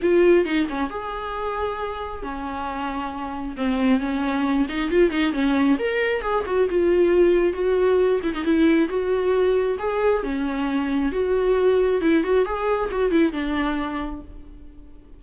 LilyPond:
\new Staff \with { instrumentName = "viola" } { \time 4/4 \tempo 4 = 135 f'4 dis'8 cis'8 gis'2~ | gis'4 cis'2. | c'4 cis'4. dis'8 f'8 dis'8 | cis'4 ais'4 gis'8 fis'8 f'4~ |
f'4 fis'4. e'16 dis'16 e'4 | fis'2 gis'4 cis'4~ | cis'4 fis'2 e'8 fis'8 | gis'4 fis'8 e'8 d'2 | }